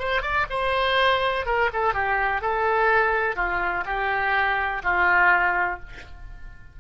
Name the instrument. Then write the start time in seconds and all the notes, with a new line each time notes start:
oboe
0.00 C5
0.22 D5
0.50 C5
1.46 A#4
1.73 A4
1.94 G4
2.42 A4
3.36 F4
3.86 G4
4.84 F4